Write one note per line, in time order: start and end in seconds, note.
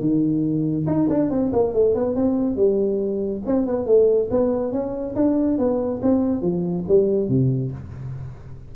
0.00 0.86 D#3
0.86 1.08 D#4
1.09 1.30 D4
1.30 1.52 C4
1.52 1.73 A#3
1.73 1.95 A3
1.95 2.15 B3
2.15 2.56 C4
2.56 3.42 G3
3.46 3.66 C4
3.66 3.86 B3
3.86 4.29 A3
4.30 4.72 B3
4.72 5.15 C#4
5.15 5.58 D4
5.58 6.01 B3
6.02 6.42 C4
6.42 6.85 F3
6.88 7.28 G3
7.28 7.71 C3